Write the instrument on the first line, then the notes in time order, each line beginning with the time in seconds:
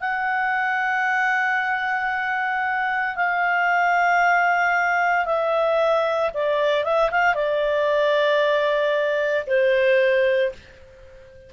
clarinet
0.00 F#5
3.15 F5
5.25 E5
6.33 D5
6.84 E5
7.11 F5
7.34 D5
9.46 C5